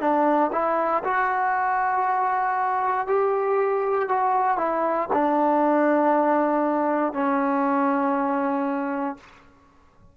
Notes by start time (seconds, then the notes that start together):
0.00 D4
0.52 E4
1.04 F#4
3.07 G4
4.09 F#4
4.58 E4
5.13 D4
7.13 C#4